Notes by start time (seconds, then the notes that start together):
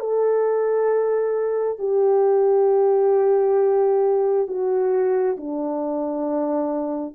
0.00 A4
1.79 G4
4.48 F#4
5.37 D4